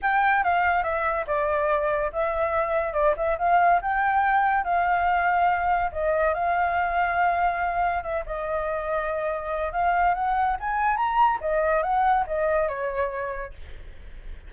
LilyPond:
\new Staff \with { instrumentName = "flute" } { \time 4/4 \tempo 4 = 142 g''4 f''4 e''4 d''4~ | d''4 e''2 d''8 e''8 | f''4 g''2 f''4~ | f''2 dis''4 f''4~ |
f''2. e''8 dis''8~ | dis''2. f''4 | fis''4 gis''4 ais''4 dis''4 | fis''4 dis''4 cis''2 | }